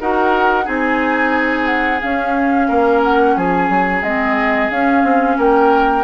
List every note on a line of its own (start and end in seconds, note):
0.00 0.67 D#4
0.00 0.63 F#4
0.00 0.65 A#4
0.00 0.67 F#5
0.63 2.02 C4
0.63 1.98 D#4
0.63 2.67 G#4
0.63 1.66 G#5
1.66 1.99 F#5
2.01 4.04 C#4
2.01 2.69 C#4
2.01 3.02 F5
2.67 3.36 A#3
2.67 3.35 A#4
3.03 3.37 F#5
3.36 3.69 F3
3.36 5.37 G#4
3.36 4.03 G#5
3.69 4.02 F#3
4.02 4.69 G#3
4.02 4.71 C4
4.02 4.70 D#5
4.70 5.03 C#4
4.70 6.04 C#4
4.70 5.38 F5
5.03 5.36 C4
5.37 6.04 A#3
5.37 6.04 A#4
5.37 6.04 G5